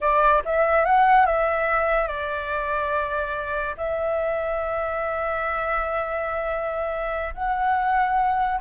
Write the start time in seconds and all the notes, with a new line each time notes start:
0.00 D5
0.45 E5
0.85 F#5
1.26 E5
2.07 D5
3.77 E5
7.34 F#5